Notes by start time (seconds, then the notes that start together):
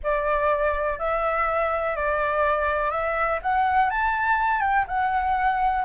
0.03 D5
0.99 E5
1.96 D5
2.90 E5
3.42 F#5
3.90 A5
4.61 G5
4.87 F#5